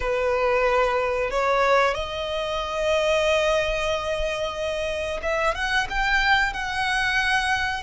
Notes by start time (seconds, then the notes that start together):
0.00 B4
1.30 C#5
1.94 D#5
5.22 E5
5.54 F#5
5.89 G5
6.53 F#5